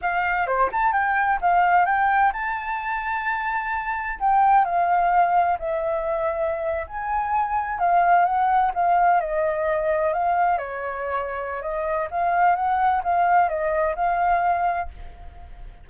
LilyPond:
\new Staff \with { instrumentName = "flute" } { \time 4/4 \tempo 4 = 129 f''4 c''8 a''8 g''4 f''4 | g''4 a''2.~ | a''4 g''4 f''2 | e''2~ e''8. gis''4~ gis''16~ |
gis''8. f''4 fis''4 f''4 dis''16~ | dis''4.~ dis''16 f''4 cis''4~ cis''16~ | cis''4 dis''4 f''4 fis''4 | f''4 dis''4 f''2 | }